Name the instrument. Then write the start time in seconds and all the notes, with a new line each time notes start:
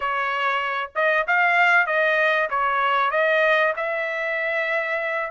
trumpet
0.00 C#5
0.95 D#5
1.27 F5
1.86 D#5
2.50 C#5
3.11 D#5
3.76 E5